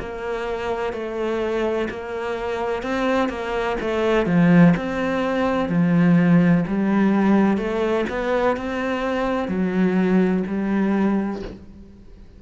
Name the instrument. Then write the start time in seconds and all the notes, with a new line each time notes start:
cello
0.00 A#3
0.94 A3
1.90 A#3
2.83 C4
3.29 A#3
3.81 A3
4.27 F3
4.77 C4
5.70 F3
6.68 G3
7.58 A3
8.10 B3
8.57 C4
9.49 F#3
10.48 G3